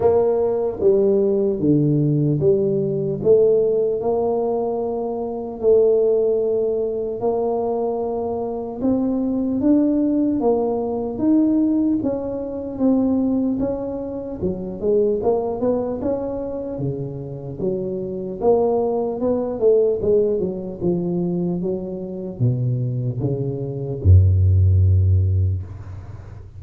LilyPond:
\new Staff \with { instrumentName = "tuba" } { \time 4/4 \tempo 4 = 75 ais4 g4 d4 g4 | a4 ais2 a4~ | a4 ais2 c'4 | d'4 ais4 dis'4 cis'4 |
c'4 cis'4 fis8 gis8 ais8 b8 | cis'4 cis4 fis4 ais4 | b8 a8 gis8 fis8 f4 fis4 | b,4 cis4 fis,2 | }